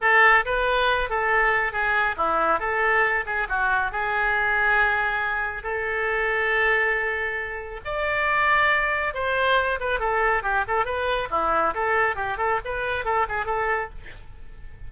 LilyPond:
\new Staff \with { instrumentName = "oboe" } { \time 4/4 \tempo 4 = 138 a'4 b'4. a'4. | gis'4 e'4 a'4. gis'8 | fis'4 gis'2.~ | gis'4 a'2.~ |
a'2 d''2~ | d''4 c''4. b'8 a'4 | g'8 a'8 b'4 e'4 a'4 | g'8 a'8 b'4 a'8 gis'8 a'4 | }